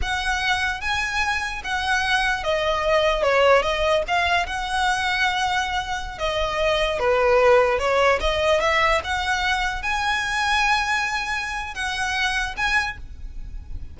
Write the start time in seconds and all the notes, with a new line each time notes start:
0.01 F#5
0.80 G#5
1.64 F#5
2.43 D#5
3.22 C#5
3.62 D#5
4.07 F5
4.46 F#5
6.18 D#5
6.99 B4
7.78 C#5
8.20 D#5
8.60 E5
9.04 F#5
9.82 G#5
11.74 F#5
12.57 G#5